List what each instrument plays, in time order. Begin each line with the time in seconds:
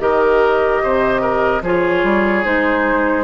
0.00 bassoon D#3, clarinet G4, oboe A#4, flute D#5
0.83 bassoon C3, oboe C5
1.22 oboe A#4
1.62 bassoon F3, clarinet F4, oboe G#4, flute C#5
2.04 bassoon G3
2.44 bassoon G#3, clarinet D#4, flute C5